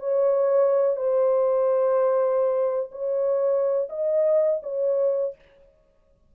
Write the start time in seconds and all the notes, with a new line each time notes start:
0.00 C#5
0.97 C5
2.92 C#5
3.90 D#5
4.63 C#5